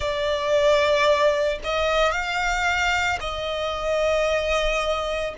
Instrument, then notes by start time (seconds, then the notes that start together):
violin
0.00 D5
1.64 D#5
2.11 F5
3.20 D#5